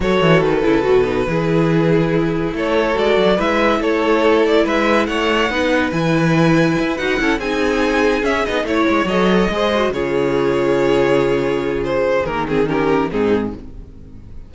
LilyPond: <<
  \new Staff \with { instrumentName = "violin" } { \time 4/4 \tempo 4 = 142 cis''4 b'2.~ | b'2 cis''4 d''4 | e''4 cis''4. d''8 e''4 | fis''2 gis''2~ |
gis''8 fis''4 gis''2 e''8 | dis''8 cis''4 dis''2 cis''8~ | cis''1 | c''4 ais'8 gis'8 ais'4 gis'4 | }
  \new Staff \with { instrumentName = "violin" } { \time 4/4 a'2. gis'4~ | gis'2 a'2 | b'4 a'2 b'4 | cis''4 b'2.~ |
b'4 a'8 gis'2~ gis'8~ | gis'8 cis''2 c''4 gis'8~ | gis'1~ | gis'2 g'4 dis'4 | }
  \new Staff \with { instrumentName = "viola" } { \time 4/4 fis'4. e'8 fis'8 dis'8 e'4~ | e'2. fis'4 | e'1~ | e'4 dis'4 e'2~ |
e'8 fis'8 e'8 dis'2 cis'8 | dis'8 e'4 a'4 gis'8 fis'8 f'8~ | f'1~ | f'4 ais8 c'8 cis'4 c'4 | }
  \new Staff \with { instrumentName = "cello" } { \time 4/4 fis8 e8 dis8 cis8 b,4 e4~ | e2 a4 gis8 fis8 | gis4 a2 gis4 | a4 b4 e2 |
e'8 dis'8 cis'8 c'2 cis'8 | b8 a8 gis8 fis4 gis4 cis8~ | cis1~ | cis4 dis2 gis,4 | }
>>